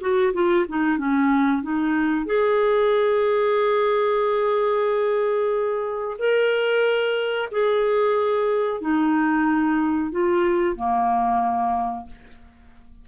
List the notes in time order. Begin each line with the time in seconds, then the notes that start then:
0.00 F#4
0.33 F4
0.68 D#4
0.97 C#4
1.62 D#4
2.25 G#4
6.18 A#4
7.51 G#4
8.80 D#4
10.11 F4
10.75 A#3